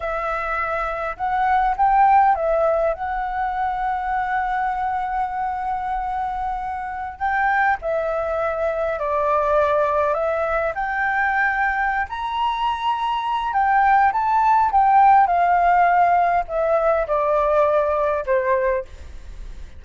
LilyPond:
\new Staff \with { instrumentName = "flute" } { \time 4/4 \tempo 4 = 102 e''2 fis''4 g''4 | e''4 fis''2.~ | fis''1~ | fis''16 g''4 e''2 d''8.~ |
d''4~ d''16 e''4 g''4.~ g''16~ | g''8 ais''2~ ais''8 g''4 | a''4 g''4 f''2 | e''4 d''2 c''4 | }